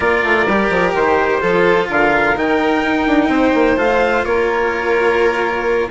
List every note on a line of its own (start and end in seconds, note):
0.00 0.22 A#3
0.00 0.46 F4
0.00 1.41 A#4
0.00 0.94 D5
0.23 0.46 A3
0.46 0.69 G3
0.46 1.41 G4
0.69 0.93 F3
0.94 1.41 D#3
0.94 1.89 C5
1.41 1.88 F3
1.41 2.35 F4
1.41 1.88 A4
1.88 2.35 D3
1.88 3.31 A#4
1.88 2.37 F5
2.35 2.82 D#3
2.35 3.77 D#4
2.35 3.78 G5
2.84 3.06 D#4
3.06 3.28 D4
3.28 3.52 C4
3.28 4.24 C5
3.54 3.76 A#3
3.76 4.23 A3
3.76 5.89 F4
3.76 4.24 F5
4.24 5.90 A#3
4.24 5.90 A#4
4.24 5.90 C#5